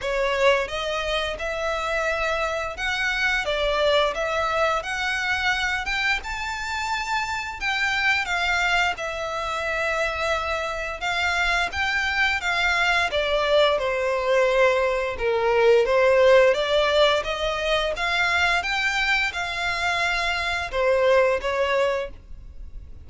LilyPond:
\new Staff \with { instrumentName = "violin" } { \time 4/4 \tempo 4 = 87 cis''4 dis''4 e''2 | fis''4 d''4 e''4 fis''4~ | fis''8 g''8 a''2 g''4 | f''4 e''2. |
f''4 g''4 f''4 d''4 | c''2 ais'4 c''4 | d''4 dis''4 f''4 g''4 | f''2 c''4 cis''4 | }